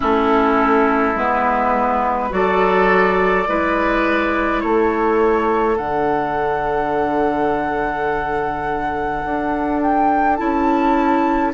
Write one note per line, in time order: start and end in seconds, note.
0.00 1.15 A3
0.00 1.15 C#4
0.00 2.28 E4
0.00 1.17 A4
1.15 2.30 G#3
1.15 2.30 B3
1.15 2.32 B4
2.30 3.47 F#3
2.30 3.45 F#4
2.30 3.49 A4
2.30 4.61 D5
3.47 4.63 G#3
3.47 5.76 E4
3.47 4.62 B4
4.61 5.78 A3
4.61 11.53 A4
4.61 5.76 C#5
5.76 9.24 D3
5.76 10.37 D4
5.76 9.81 F#5
9.24 10.39 D4
9.81 10.36 G5
10.36 11.53 C#4
10.36 11.52 E4
10.36 11.51 A5